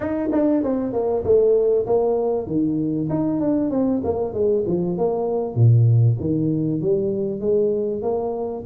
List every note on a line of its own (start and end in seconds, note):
0.00 0.29 D#4
0.32 0.63 D4
0.63 0.92 C4
0.92 1.23 A#3
1.24 1.86 A3
1.86 2.46 A#3
2.46 3.08 D#3
3.09 3.40 D#4
3.40 3.70 D4
3.70 4.01 C4
4.03 4.33 A#3
4.33 4.64 G#3
4.66 4.97 F3
4.97 5.55 A#3
5.55 6.17 A#2
6.20 6.81 D#3
6.81 7.40 G3
7.40 8.01 G#3
8.01 8.63 A#3